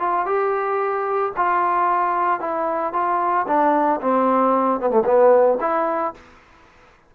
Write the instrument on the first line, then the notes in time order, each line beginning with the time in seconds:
trombone
0.00 F4
0.26 G4
1.37 F4
2.41 E4
2.93 F4
3.48 D4
4.02 C4
4.81 B3
4.91 A3
5.05 B3
5.61 E4